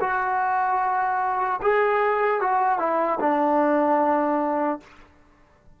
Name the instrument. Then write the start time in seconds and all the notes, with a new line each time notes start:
trombone
0.00 F#4
1.62 G#4
2.40 F#4
2.79 E4
3.20 D4